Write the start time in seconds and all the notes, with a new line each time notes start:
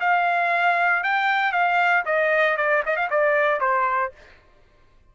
0.00 F5
1.03 G5
1.52 F5
2.05 D#5
2.57 D5
2.85 D#5
2.96 F5
3.10 D5
3.60 C5